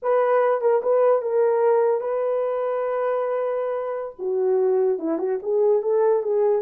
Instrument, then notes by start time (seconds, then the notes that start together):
horn
0.02 B4
0.61 A#4
0.82 B4
1.22 A#4
2.00 B4
4.18 F#4
4.99 E4
5.18 F#4
5.42 G#4
5.82 A4
6.22 G#4